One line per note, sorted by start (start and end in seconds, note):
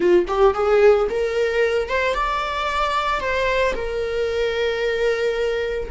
0.00 0.26 F4
0.27 0.54 G4
0.54 1.07 G#4
1.09 1.88 A#4
1.88 2.14 C5
2.14 3.20 D5
3.20 3.74 C5
3.75 5.89 A#4